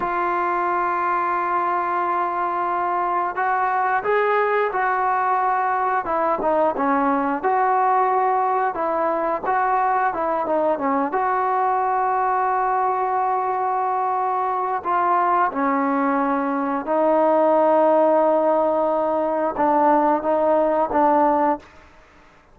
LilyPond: \new Staff \with { instrumentName = "trombone" } { \time 4/4 \tempo 4 = 89 f'1~ | f'4 fis'4 gis'4 fis'4~ | fis'4 e'8 dis'8 cis'4 fis'4~ | fis'4 e'4 fis'4 e'8 dis'8 |
cis'8 fis'2.~ fis'8~ | fis'2 f'4 cis'4~ | cis'4 dis'2.~ | dis'4 d'4 dis'4 d'4 | }